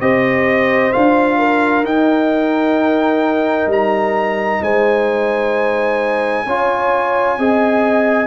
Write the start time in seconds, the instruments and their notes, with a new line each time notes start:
0.00 tuba C4, trombone G4, horn C5, trumpet D#5
0.92 tuba D4, trombone F4, trumpet F5
1.38 horn A#4
1.84 tuba D#4, trombone D#4, trumpet G5
3.66 tuba G3, trumpet A#5
4.62 tuba G#3, horn C5, trumpet G#5
6.46 tuba C#4, trombone F4, horn C#5
7.37 tuba C4, trombone G#4, horn D#5